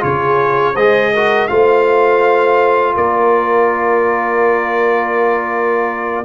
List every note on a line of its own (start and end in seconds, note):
0.00 0.75 C#3
0.00 0.73 F4
0.00 0.74 G#4
0.00 0.76 C#5
0.74 1.48 G#3
0.74 1.15 G#4
0.74 1.10 C5
0.74 1.48 D#5
1.13 1.49 F#4
1.13 1.50 A#4
1.48 2.96 A3
1.48 6.24 F4
1.48 2.95 C5
1.48 2.94 F5
2.95 6.25 A#3
2.95 6.24 A#4
2.95 6.25 D5